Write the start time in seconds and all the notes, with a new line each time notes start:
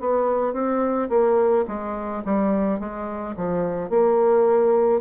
0.00 B3
0.53 C4
1.09 A#3
1.68 G#3
2.25 G3
2.79 G#3
3.36 F3
3.89 A#3